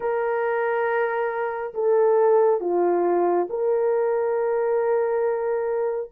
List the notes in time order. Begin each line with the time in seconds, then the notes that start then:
0.00 A#4
1.74 A4
2.60 F4
3.49 A#4